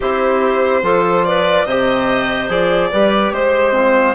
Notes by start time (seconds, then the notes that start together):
0.00 C4 E4 G4 C5
0.82 F3 F4 A4
1.24 B4 D5
1.65 C3 G4 C5 D#5
2.48 F3 G#4 D5
2.91 G3 G4 B4
3.31 G#3 C5
3.72 C4 F4